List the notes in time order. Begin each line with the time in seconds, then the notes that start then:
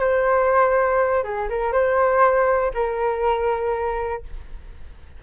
0.00 C5
1.24 G#4
1.50 A#4
1.73 C5
2.75 A#4